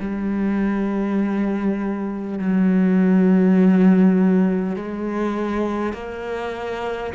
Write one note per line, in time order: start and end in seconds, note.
0.00 2.39 G3
2.39 4.76 F#3
4.76 5.93 G#3
5.93 7.13 A#3